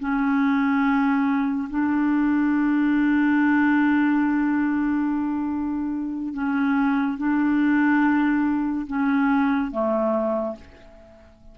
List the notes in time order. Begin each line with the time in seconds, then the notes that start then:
0.00 C#4
1.70 D4
6.34 C#4
7.18 D4
8.87 C#4
9.71 A3